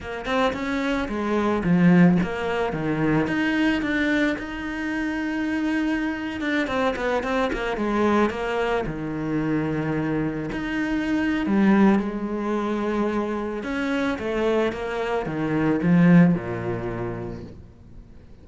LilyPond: \new Staff \with { instrumentName = "cello" } { \time 4/4 \tempo 4 = 110 ais8 c'8 cis'4 gis4 f4 | ais4 dis4 dis'4 d'4 | dis'2.~ dis'8. d'16~ | d'16 c'8 b8 c'8 ais8 gis4 ais8.~ |
ais16 dis2. dis'8.~ | dis'4 g4 gis2~ | gis4 cis'4 a4 ais4 | dis4 f4 ais,2 | }